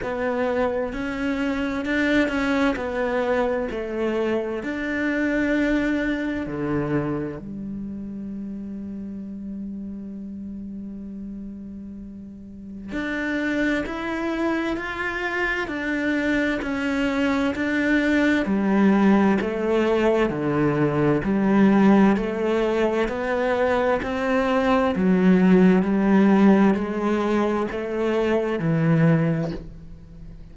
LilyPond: \new Staff \with { instrumentName = "cello" } { \time 4/4 \tempo 4 = 65 b4 cis'4 d'8 cis'8 b4 | a4 d'2 d4 | g1~ | g2 d'4 e'4 |
f'4 d'4 cis'4 d'4 | g4 a4 d4 g4 | a4 b4 c'4 fis4 | g4 gis4 a4 e4 | }